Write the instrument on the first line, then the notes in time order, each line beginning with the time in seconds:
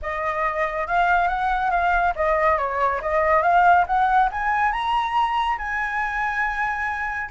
flute
0.01 D#5
0.87 F5
1.28 F#5
1.70 F5
2.15 D#5
2.58 C#5
3.01 D#5
3.42 F5
3.86 F#5
4.31 G#5
4.72 A#5
5.58 G#5